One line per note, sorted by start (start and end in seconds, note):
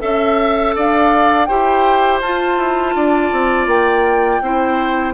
0.00 0.76 C#4
0.00 1.46 A4
0.00 0.75 E5
0.76 1.50 D4
0.76 1.48 D5
0.76 1.46 F5
1.46 2.21 E4
1.46 2.22 G4
1.46 2.95 C5
1.46 2.19 G5
2.21 2.58 F4
2.21 4.43 F4
2.21 3.68 A5
2.58 2.95 E4
2.95 3.32 D4
2.95 4.43 D5
3.32 3.67 C4
3.67 4.40 A#3
3.67 5.14 G5
4.42 5.14 C4
4.42 5.14 E4
4.42 5.14 C5